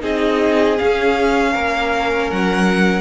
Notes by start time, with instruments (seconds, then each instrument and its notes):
0.00 cello C4, viola D#4, violin G#4 D#5
0.78 viola C#4, cello C#4, violin F5
1.52 cello A#3, violin A#4
2.30 cello F#3, violin F#5